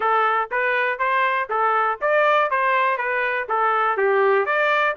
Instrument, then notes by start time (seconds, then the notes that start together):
trumpet
0.00 A4
0.51 B4
0.98 C5
1.49 A4
2.01 D5
2.50 C5
2.97 B4
3.48 A4
3.97 G4
4.45 D5